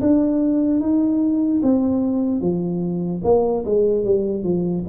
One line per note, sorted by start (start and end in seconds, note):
0.00 0.80 D4
0.80 1.61 D#4
1.62 2.40 C4
2.40 3.21 F3
3.23 3.64 A#3
3.64 4.04 G#3
4.04 4.43 G3
4.43 4.84 F3